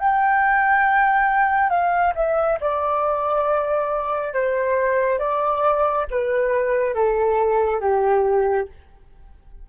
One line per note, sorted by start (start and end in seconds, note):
0.00 1.70 G5
1.70 2.14 F5
2.15 2.59 E5
2.61 4.34 D5
4.34 5.19 C5
5.19 6.06 D5
6.11 6.94 B4
6.94 7.81 A4
7.81 8.68 G4